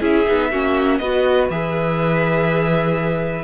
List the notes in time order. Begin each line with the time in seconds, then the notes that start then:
0.00 C#4 E4 G#4 E5
0.26 B3 D#4
0.50 A#3 C#4 F#4
0.97 B3 F#4 B4 D#5
1.49 E3 G#4 E5